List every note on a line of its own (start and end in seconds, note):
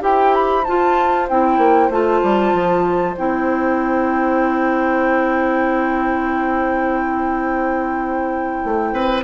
0.00 0.65 E4
0.00 0.62 G4
0.00 8.93 C5
0.00 0.34 G5
0.34 0.64 B5
0.64 1.29 F4
0.64 1.30 F4
0.64 1.27 A5
1.28 1.57 C4
1.28 1.91 E4
1.28 1.91 G5
1.57 1.89 A#3
1.89 2.20 A3
1.89 3.16 F4
1.89 3.17 A5
2.23 2.53 G3
2.53 3.15 F3
3.16 8.64 C4
3.16 9.23 E4
3.16 9.23 G5
8.64 8.92 A3
8.92 9.23 C4
8.92 9.23 B4